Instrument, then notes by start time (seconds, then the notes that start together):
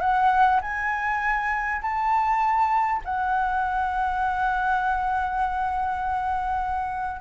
flute
0.00 F#5
0.61 G#5
1.82 A5
3.05 F#5